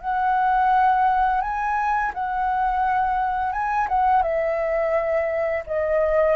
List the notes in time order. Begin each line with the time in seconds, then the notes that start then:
0.00 F#5
1.41 G#5
2.14 F#5
3.52 G#5
3.88 F#5
4.22 E5
5.66 D#5